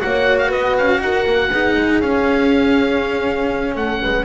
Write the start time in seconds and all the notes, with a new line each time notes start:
0.00 A#3 F#4 C#5 F#5
0.38 F5
0.47 B3 B4 D#5
0.77 C#4 F5
1.00 D#4 A#4 F#5
1.27 A#3
1.51 B3 D#4 G#4
1.76 G#3
2.00 C#4 F5
3.75 A3 A4 F#5
4.02 G#3 B4